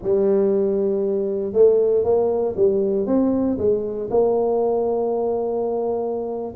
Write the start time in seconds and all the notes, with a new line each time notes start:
0.02 G3
1.52 A3
2.03 A#3
2.55 G3
3.06 C4
3.58 G#3
4.10 A#3